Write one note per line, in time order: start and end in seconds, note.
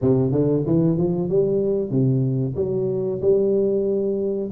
0.01 0.31 C3
0.31 0.63 D3
0.66 0.97 E3
0.97 1.29 F3
1.29 1.90 G3
1.90 2.55 C3
2.56 3.20 F#3
3.21 4.50 G3